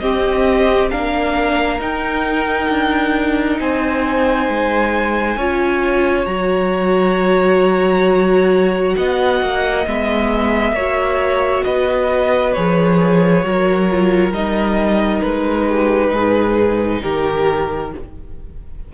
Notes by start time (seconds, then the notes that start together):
0.00 C4 G4 D#5
0.90 A#3 D4 A#4 F5
1.79 D#4 G5
2.69 D4
3.60 C4 C5 G#5
4.49 G#3
5.37 C#4 F4 C#5
6.26 F#3 F#4 A#5
8.97 B3 D#5 F#5
9.42 A#3
9.87 G#3 B3 E5
10.72 A#3 F#4 C#5
11.64 B3 B4 D#5
12.53 F3 G#4 C#5
13.43 F#3 F#4 A#4
13.91 F4
14.32 G3 D#4 D#5
15.22 G#3 B4
15.68 G4
16.12 G#2 G#4
17.03 D#3 G4 A#4